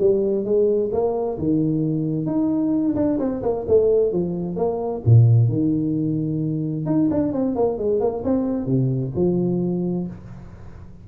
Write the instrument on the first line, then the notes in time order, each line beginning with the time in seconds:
tuba
0.00 G3
0.44 G#3
0.92 A#3
1.38 D#3
2.26 D#4
2.96 D4
3.19 C4
3.43 A#3
3.68 A3
4.12 F3
4.56 A#3
5.05 A#2
5.48 D#3
6.86 D#4
7.10 D4
7.33 C4
7.56 A#3
7.78 G#3
8.00 A#3
8.24 C4
8.66 C3
9.15 F3